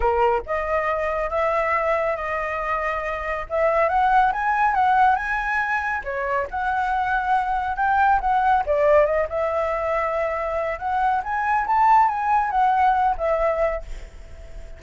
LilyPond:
\new Staff \with { instrumentName = "flute" } { \time 4/4 \tempo 4 = 139 ais'4 dis''2 e''4~ | e''4 dis''2. | e''4 fis''4 gis''4 fis''4 | gis''2 cis''4 fis''4~ |
fis''2 g''4 fis''4 | d''4 dis''8 e''2~ e''8~ | e''4 fis''4 gis''4 a''4 | gis''4 fis''4. e''4. | }